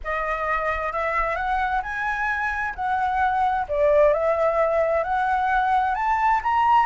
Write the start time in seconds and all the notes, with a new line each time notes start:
0.04 D#5
0.92 E5
1.35 F#5
1.82 G#5
2.75 F#5
3.68 D5
4.13 E5
5.03 F#5
5.95 A5
6.43 A#5